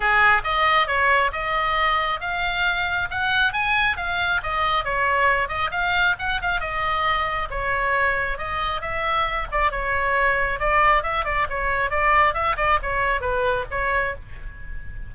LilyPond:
\new Staff \with { instrumentName = "oboe" } { \time 4/4 \tempo 4 = 136 gis'4 dis''4 cis''4 dis''4~ | dis''4 f''2 fis''4 | gis''4 f''4 dis''4 cis''4~ | cis''8 dis''8 f''4 fis''8 f''8 dis''4~ |
dis''4 cis''2 dis''4 | e''4. d''8 cis''2 | d''4 e''8 d''8 cis''4 d''4 | e''8 d''8 cis''4 b'4 cis''4 | }